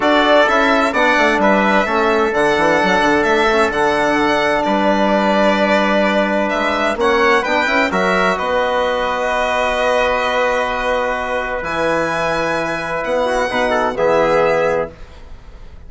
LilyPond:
<<
  \new Staff \with { instrumentName = "violin" } { \time 4/4 \tempo 4 = 129 d''4 e''4 fis''4 e''4~ | e''4 fis''2 e''4 | fis''2 d''2~ | d''2 e''4 fis''4 |
g''4 e''4 dis''2~ | dis''1~ | dis''4 gis''2. | fis''2 e''2 | }
  \new Staff \with { instrumentName = "trumpet" } { \time 4/4 a'2 d''4 b'4 | a'1~ | a'2 b'2~ | b'2. cis''4 |
b'4 ais'4 b'2~ | b'1~ | b'1~ | b'8 fis'8 b'8 a'8 gis'2 | }
  \new Staff \with { instrumentName = "trombone" } { \time 4/4 fis'4 e'4 d'2 | cis'4 d'2~ d'8 cis'8 | d'1~ | d'2. cis'4 |
d'8 e'8 fis'2.~ | fis'1~ | fis'4 e'2.~ | e'4 dis'4 b2 | }
  \new Staff \with { instrumentName = "bassoon" } { \time 4/4 d'4 cis'4 b8 a8 g4 | a4 d8 e8 fis8 d8 a4 | d2 g2~ | g2 gis4 ais4 |
b8 cis'8 fis4 b2~ | b1~ | b4 e2. | b4 b,4 e2 | }
>>